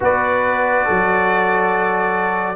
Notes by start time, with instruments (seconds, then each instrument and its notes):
0.00 tuba B3, trombone F#4, horn B4, trumpet D5
0.85 tuba F#3, horn A4